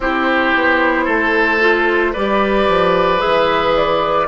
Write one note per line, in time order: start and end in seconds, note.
0.00 0.53 C4
0.00 1.60 E4
0.00 1.04 G4
0.00 2.13 C5
0.54 1.07 B3
1.04 2.14 A3
1.04 2.11 A4
1.60 2.13 F4
2.12 2.68 G3
2.12 3.18 G4
2.12 4.27 B4
2.12 3.20 D5
2.68 3.22 F3
3.18 4.25 G#4
3.18 3.74 E5
3.24 4.28 E3
3.76 4.28 D5